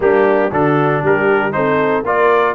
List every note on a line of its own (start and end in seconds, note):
0.00 0.51 G3
0.00 0.50 A#3
0.00 0.52 D4
0.00 0.53 G4
0.51 1.02 D3
0.51 1.52 D4
0.51 1.01 F#4
0.51 1.04 A4
1.01 1.54 G3
1.01 1.52 G4
1.01 1.52 A#4
1.52 2.03 C4
1.52 2.03 D#4
1.52 2.06 A4
1.52 2.03 C5
2.03 2.54 A#3
2.03 2.55 F4
2.03 2.55 A#4
2.03 2.55 D5